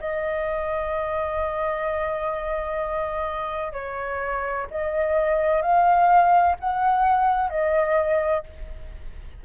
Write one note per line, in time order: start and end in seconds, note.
0.00 3.73 D#5
3.73 4.67 C#5
4.71 5.62 D#5
5.62 6.56 F5
6.60 7.50 F#5
7.50 8.44 D#5